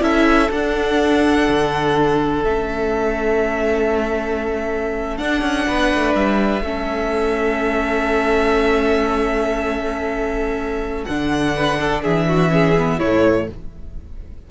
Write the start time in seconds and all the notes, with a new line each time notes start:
0.00 C#4 E4 A4 E5
0.51 D4 F#5
1.48 D3
2.44 A3 C#4 E5
5.17 D4 F#5
5.41 C#4
5.67 B3 B4
5.94 A3
6.15 G3 E5
6.61 A3 C#4 A4
11.04 D3 D4 F#5
11.55 B4
11.81 A4
12.03 E3 G#4 E5
12.28 F#4
12.49 C#4 G#4
12.78 B3
12.98 A2 A3 E4 C#5